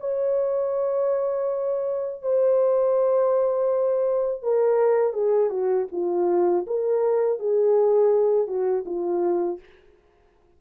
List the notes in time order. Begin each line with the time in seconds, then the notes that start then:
0.00 C#5
2.22 C5
4.42 A#4
5.13 G#4
5.50 F#4
5.92 F4
6.67 A#4
7.39 G#4
8.47 F#4
8.86 F4